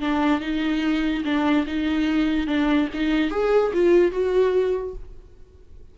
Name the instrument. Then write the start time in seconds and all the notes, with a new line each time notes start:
viola
0.00 D4
0.41 D#4
1.25 D4
1.67 D#4
2.47 D4
2.94 D#4
3.31 G#4
3.73 F4
4.12 F#4